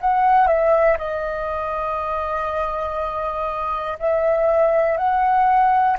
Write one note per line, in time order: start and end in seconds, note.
0.00 0.47 F#5
0.47 0.97 E5
0.98 3.98 D#5
3.99 4.97 E5
4.97 5.97 F#5